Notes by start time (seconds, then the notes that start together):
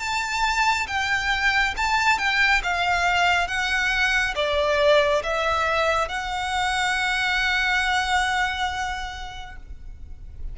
0.00 A5
0.88 G5
1.77 A5
2.19 G5
2.64 F5
3.48 F#5
4.36 D5
5.24 E5
6.09 F#5